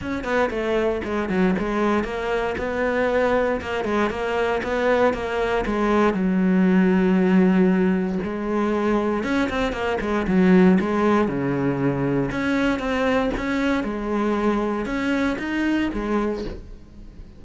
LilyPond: \new Staff \with { instrumentName = "cello" } { \time 4/4 \tempo 4 = 117 cis'8 b8 a4 gis8 fis8 gis4 | ais4 b2 ais8 gis8 | ais4 b4 ais4 gis4 | fis1 |
gis2 cis'8 c'8 ais8 gis8 | fis4 gis4 cis2 | cis'4 c'4 cis'4 gis4~ | gis4 cis'4 dis'4 gis4 | }